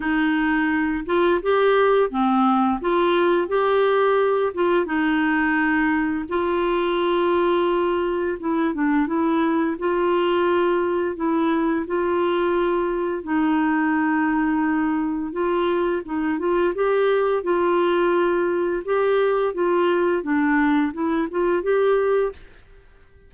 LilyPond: \new Staff \with { instrumentName = "clarinet" } { \time 4/4 \tempo 4 = 86 dis'4. f'8 g'4 c'4 | f'4 g'4. f'8 dis'4~ | dis'4 f'2. | e'8 d'8 e'4 f'2 |
e'4 f'2 dis'4~ | dis'2 f'4 dis'8 f'8 | g'4 f'2 g'4 | f'4 d'4 e'8 f'8 g'4 | }